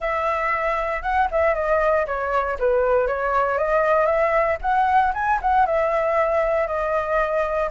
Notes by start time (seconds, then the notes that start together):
0.00 E5
1.02 F#5
1.31 E5
1.54 D#5
2.06 C#5
2.59 B4
3.07 C#5
3.58 D#5
4.06 E5
4.61 F#5
5.14 G#5
5.41 F#5
5.65 E5
6.67 D#5